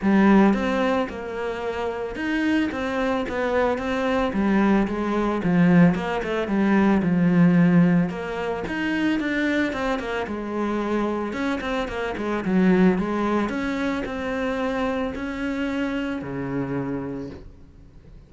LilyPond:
\new Staff \with { instrumentName = "cello" } { \time 4/4 \tempo 4 = 111 g4 c'4 ais2 | dis'4 c'4 b4 c'4 | g4 gis4 f4 ais8 a8 | g4 f2 ais4 |
dis'4 d'4 c'8 ais8 gis4~ | gis4 cis'8 c'8 ais8 gis8 fis4 | gis4 cis'4 c'2 | cis'2 cis2 | }